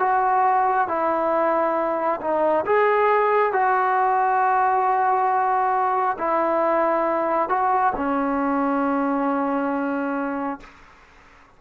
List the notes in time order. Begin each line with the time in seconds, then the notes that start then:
0.00 F#4
0.88 E4
2.21 D#4
2.66 G#4
3.53 F#4
6.18 E4
7.49 F#4
7.96 C#4